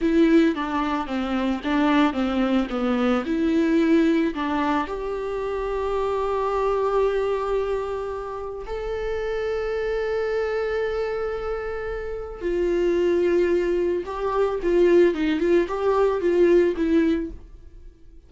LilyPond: \new Staff \with { instrumentName = "viola" } { \time 4/4 \tempo 4 = 111 e'4 d'4 c'4 d'4 | c'4 b4 e'2 | d'4 g'2.~ | g'1 |
a'1~ | a'2. f'4~ | f'2 g'4 f'4 | dis'8 f'8 g'4 f'4 e'4 | }